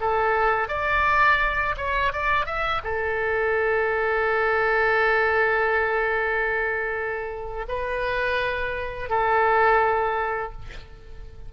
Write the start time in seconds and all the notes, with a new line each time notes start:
0.00 A4
0.68 D5
1.77 C#5
2.12 D5
2.46 E5
2.83 A4
7.68 B4
9.09 A4